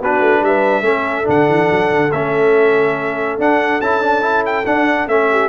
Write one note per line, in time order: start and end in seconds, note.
0.00 0.20 B3
0.00 0.83 D4
0.00 0.43 F#4
0.00 0.44 B4
0.20 0.41 A3
0.41 0.82 G3
0.41 0.84 B4
0.41 1.29 E5
0.82 1.24 A3
0.82 1.24 C#4
0.82 5.27 A4
1.24 1.49 D3
1.24 2.09 D4
1.24 2.12 F#5
1.49 1.70 E3
1.71 1.90 F#3
1.90 2.12 D3
2.12 3.38 A3
2.12 3.39 C#4
2.12 3.38 E5
3.38 3.80 D4
3.38 3.82 D4
3.38 3.81 F#5
3.81 4.65 C#4
3.81 4.01 E4
3.81 4.44 A5
4.01 4.21 D4
4.21 4.64 E4
4.46 4.66 G5
4.66 5.08 D4
4.66 5.07 D4
4.66 5.08 F#5
5.07 5.49 A3
5.07 5.49 C#4
5.07 5.49 E5
5.31 5.49 G4